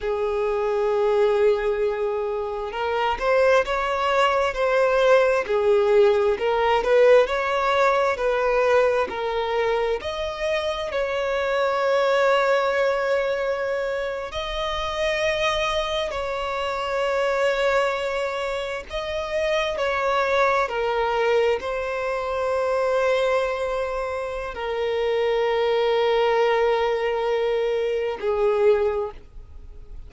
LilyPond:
\new Staff \with { instrumentName = "violin" } { \time 4/4 \tempo 4 = 66 gis'2. ais'8 c''8 | cis''4 c''4 gis'4 ais'8 b'8 | cis''4 b'4 ais'4 dis''4 | cis''2.~ cis''8. dis''16~ |
dis''4.~ dis''16 cis''2~ cis''16~ | cis''8. dis''4 cis''4 ais'4 c''16~ | c''2. ais'4~ | ais'2. gis'4 | }